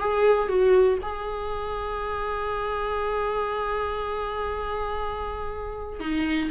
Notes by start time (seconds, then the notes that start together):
0.00 G#4
0.49 F#4
1.03 G#4
6.00 D#4